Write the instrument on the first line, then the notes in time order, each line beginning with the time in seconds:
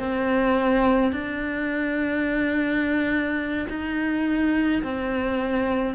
cello
0.00 C4
1.13 D4
3.69 D#4
4.83 C4